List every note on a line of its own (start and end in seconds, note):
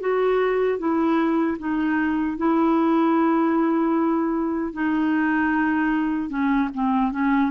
0.00 0.78 F#4
0.78 1.57 E4
1.59 2.37 D#4
2.37 4.73 E4
4.73 6.29 D#4
6.29 6.69 C#4
6.74 7.12 C4
7.12 7.51 C#4